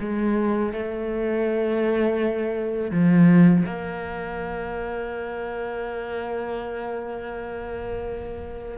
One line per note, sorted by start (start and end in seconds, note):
0.00 0.73 G#3
0.73 2.91 A3
2.91 3.64 F3
3.66 8.78 A#3